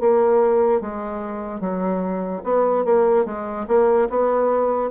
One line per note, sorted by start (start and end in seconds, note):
0.00 0.81 A#3
0.81 1.60 G#3
1.60 2.42 F#3
2.44 2.85 B3
2.85 3.25 A#3
3.25 3.67 G#3
3.68 4.09 A#3
4.10 4.91 B3